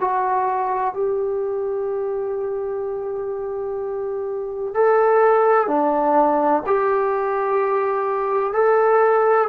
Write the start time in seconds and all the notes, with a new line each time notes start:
0.00 F#4
0.94 G4
4.74 A4
5.67 D4
6.66 G4
8.53 A4